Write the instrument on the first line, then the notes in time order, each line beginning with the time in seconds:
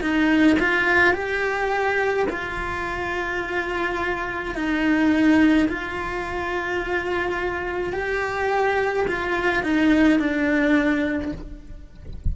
cello
0.00 D#4
0.59 F4
1.13 G4
2.29 F4
4.54 D#4
5.68 F4
7.92 G4
9.07 F4
9.62 D#4
10.18 D4